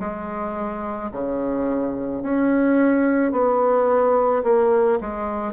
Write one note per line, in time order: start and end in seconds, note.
0.00 1.11 G#3
1.12 2.23 C#3
2.23 3.32 C#4
3.32 4.43 B3
4.44 4.99 A#3
5.01 5.54 G#3